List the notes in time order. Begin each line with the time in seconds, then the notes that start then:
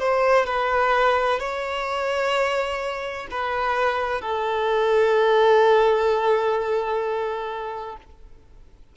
0.00 C5
0.46 B4
1.40 C#5
3.31 B4
4.22 A4